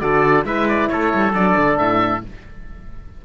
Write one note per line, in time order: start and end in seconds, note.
0.00 0.44 D3
0.00 0.45 F#4
0.00 0.46 A4
0.00 0.44 D5
0.44 0.88 G#3
0.44 1.33 E4
0.44 0.91 B4
0.44 0.67 E5
0.68 0.88 D5
0.88 1.13 A3
0.88 2.25 A4
0.88 1.32 C#5
1.14 1.33 G3
1.33 1.55 F#3
1.33 2.22 D4
1.33 1.77 D5
1.57 1.78 D3
1.77 2.22 A2
1.77 2.21 E5